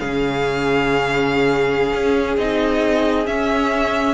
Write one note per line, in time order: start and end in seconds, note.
0.00 1.93 C#3
0.00 2.39 C#4
0.00 4.15 G#4
0.00 2.37 F5
1.94 2.37 C#4
2.37 3.27 C4
2.37 3.25 D#4
2.37 3.27 D#5
3.25 4.15 C#4
3.25 4.15 E5